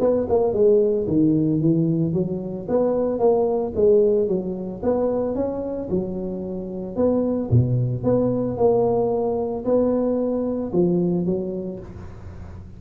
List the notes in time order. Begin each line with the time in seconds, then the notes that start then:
0.00 B3
0.29 A#3
0.53 G#3
1.07 D#3
1.60 E3
2.13 F#3
2.68 B3
3.19 A#3
3.75 G#3
4.28 F#3
4.83 B3
5.35 C#4
5.90 F#3
6.96 B3
7.50 B2
8.04 B3
8.57 A#3
9.65 B3
10.72 F3
11.25 F#3